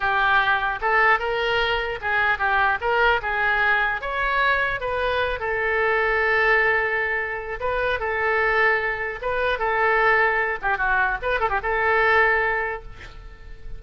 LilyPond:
\new Staff \with { instrumentName = "oboe" } { \time 4/4 \tempo 4 = 150 g'2 a'4 ais'4~ | ais'4 gis'4 g'4 ais'4 | gis'2 cis''2 | b'4. a'2~ a'8~ |
a'2. b'4 | a'2. b'4 | a'2~ a'8 g'8 fis'4 | b'8 a'16 g'16 a'2. | }